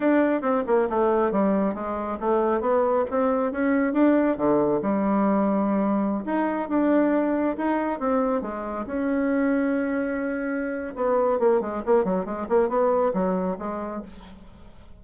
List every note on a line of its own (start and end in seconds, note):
0.00 0.41 D4
0.41 0.63 C4
0.66 0.88 A#3
0.89 1.31 A3
1.31 1.74 G3
1.74 2.18 G#3
2.20 2.61 A3
2.61 3.04 B3
3.10 3.52 C4
3.52 3.93 C#4
3.93 4.37 D4
4.37 4.81 D3
4.82 6.24 G3
6.25 6.68 D#4
6.68 7.56 D4
7.57 7.99 D#4
7.99 8.41 C4
8.41 8.85 G#3
8.86 10.94 C#4
10.95 11.39 B3
11.39 11.61 A#3
11.61 11.82 G#3
11.85 12.04 A#3
12.04 12.25 F#3
12.25 12.47 G#3
12.49 12.68 A#3
12.68 13.12 B3
13.13 13.57 F#3
13.58 14.02 G#3